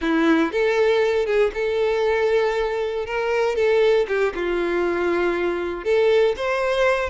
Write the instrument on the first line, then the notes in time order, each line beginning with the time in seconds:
violin
0.01 E4
0.52 A4
1.26 G#4
1.53 A4
3.05 A#4
3.55 A4
4.07 G4
4.35 F4
5.84 A4
6.36 C5